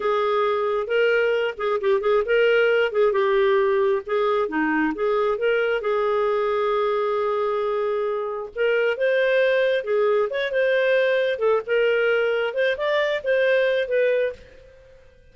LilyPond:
\new Staff \with { instrumentName = "clarinet" } { \time 4/4 \tempo 4 = 134 gis'2 ais'4. gis'8 | g'8 gis'8 ais'4. gis'8 g'4~ | g'4 gis'4 dis'4 gis'4 | ais'4 gis'2.~ |
gis'2. ais'4 | c''2 gis'4 cis''8 c''8~ | c''4. a'8 ais'2 | c''8 d''4 c''4. b'4 | }